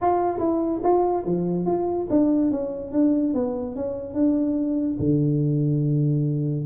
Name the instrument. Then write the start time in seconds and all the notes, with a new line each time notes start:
tuba
0.01 F4
0.38 E4
0.83 F4
1.25 F3
1.66 F4
2.09 D4
2.51 C#4
2.92 D4
3.34 B3
3.75 C#4
4.13 D4
4.99 D3